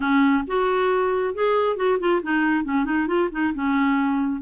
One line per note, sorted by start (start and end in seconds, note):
0.00 0.44 C#4
0.47 1.34 F#4
1.34 1.76 G#4
1.76 1.98 F#4
1.99 2.21 F4
2.22 2.64 D#4
2.64 2.85 C#4
2.85 3.07 D#4
3.07 3.29 F4
3.31 3.53 D#4
3.54 4.41 C#4